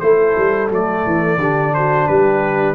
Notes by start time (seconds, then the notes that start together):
0.00 A3 E4 A4 C5
0.37 G3
0.70 F#3 A3 D5
1.06 E3
1.37 D3 D4 G4
1.74 F#4 C5
2.07 G3 G4 B4